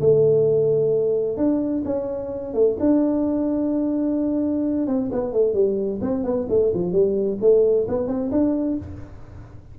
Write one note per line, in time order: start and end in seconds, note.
0.00 1.37 A3
1.37 1.83 D4
1.84 2.54 C#4
2.54 2.77 A3
2.79 4.87 D4
4.87 5.10 C4
5.11 5.32 B3
5.32 5.53 A3
5.53 6.00 G3
6.01 6.23 C4
6.23 6.47 B3
6.49 6.72 A3
6.74 6.92 F3
6.92 7.38 G3
7.41 7.87 A3
7.88 8.07 B3
8.07 8.30 C4
8.31 8.77 D4